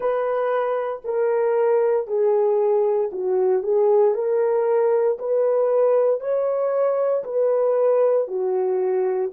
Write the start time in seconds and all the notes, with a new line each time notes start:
0.00 B4
1.04 A#4
2.07 G#4
3.11 F#4
3.62 G#4
4.14 A#4
5.18 B4
6.20 C#5
7.24 B4
8.27 F#4